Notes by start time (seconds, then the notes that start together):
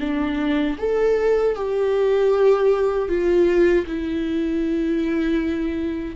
0.00 D4
0.78 A4
1.55 G4
3.08 F4
3.87 E4